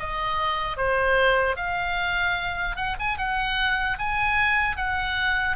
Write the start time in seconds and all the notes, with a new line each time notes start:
0.00 D#5
0.77 C5
1.56 F5
2.77 F#5
3.00 G#5
3.18 F#5
3.99 G#5
4.77 F#5